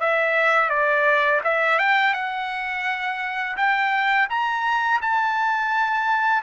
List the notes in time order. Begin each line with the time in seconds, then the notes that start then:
0.00 E5
0.69 D5
1.44 E5
1.79 G5
2.14 F#5
3.56 G5
4.30 A#5
5.01 A5